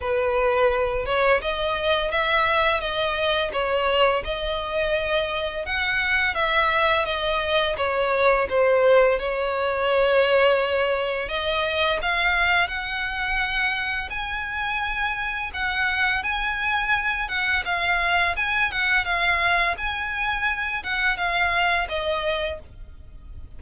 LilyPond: \new Staff \with { instrumentName = "violin" } { \time 4/4 \tempo 4 = 85 b'4. cis''8 dis''4 e''4 | dis''4 cis''4 dis''2 | fis''4 e''4 dis''4 cis''4 | c''4 cis''2. |
dis''4 f''4 fis''2 | gis''2 fis''4 gis''4~ | gis''8 fis''8 f''4 gis''8 fis''8 f''4 | gis''4. fis''8 f''4 dis''4 | }